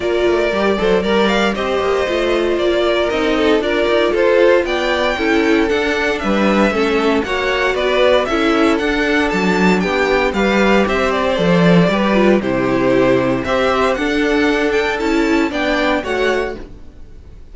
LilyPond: <<
  \new Staff \with { instrumentName = "violin" } { \time 4/4 \tempo 4 = 116 d''2 ais'8 f''8 dis''4~ | dis''4 d''4 dis''4 d''4 | c''4 g''2 fis''4 | e''2 fis''4 d''4 |
e''4 fis''4 a''4 g''4 | f''4 e''8 d''2~ d''8 | c''2 e''4 fis''4~ | fis''8 g''8 a''4 g''4 fis''4 | }
  \new Staff \with { instrumentName = "violin" } { \time 4/4 ais'4. c''8 d''4 c''4~ | c''4. ais'4 a'8 ais'4 | a'4 d''4 a'2 | b'4 a'4 cis''4 b'4 |
a'2. g'4 | b'4 c''2 b'4 | g'2 c''4 a'4~ | a'2 d''4 cis''4 | }
  \new Staff \with { instrumentName = "viola" } { \time 4/4 f'4 g'8 a'8 ais'4 g'4 | f'2 dis'4 f'4~ | f'2 e'4 d'4~ | d'4 cis'4 fis'2 |
e'4 d'2. | g'2 a'4 g'8 f'8 | e'2 g'4 d'4~ | d'4 e'4 d'4 fis'4 | }
  \new Staff \with { instrumentName = "cello" } { \time 4/4 ais8 a8 g8 fis8 g4 c'8 ais8 | a4 ais4 c'4 d'8 dis'8 | f'4 b4 cis'4 d'4 | g4 a4 ais4 b4 |
cis'4 d'4 fis4 b4 | g4 c'4 f4 g4 | c2 c'4 d'4~ | d'4 cis'4 b4 a4 | }
>>